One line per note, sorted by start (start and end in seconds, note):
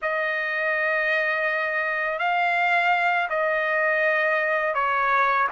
0.02 2.19 D#5
2.19 3.28 F5
3.29 4.74 D#5
4.74 5.47 C#5